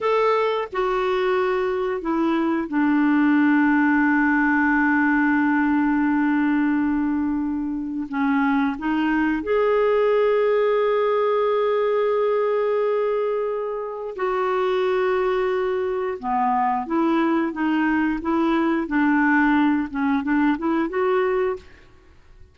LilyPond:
\new Staff \with { instrumentName = "clarinet" } { \time 4/4 \tempo 4 = 89 a'4 fis'2 e'4 | d'1~ | d'1 | cis'4 dis'4 gis'2~ |
gis'1~ | gis'4 fis'2. | b4 e'4 dis'4 e'4 | d'4. cis'8 d'8 e'8 fis'4 | }